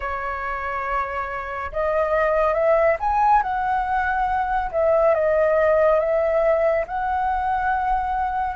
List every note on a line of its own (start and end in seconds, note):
0.00 1.71 C#5
1.72 2.53 D#5
2.53 2.96 E5
3.00 3.42 G#5
3.42 4.71 F#5
4.71 5.14 E5
5.14 5.99 D#5
5.99 6.85 E5
6.86 8.56 F#5